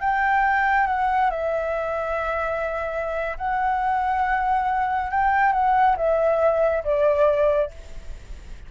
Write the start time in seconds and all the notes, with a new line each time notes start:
0.00 G5
0.87 F#5
1.30 E5
3.37 F#5
5.10 G5
5.52 F#5
5.96 E5
6.84 D5